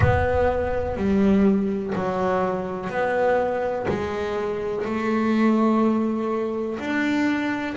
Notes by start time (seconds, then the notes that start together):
0.00 B3
0.97 G3
1.95 F#3
2.89 B3
3.88 G#3
4.85 A3
6.79 D4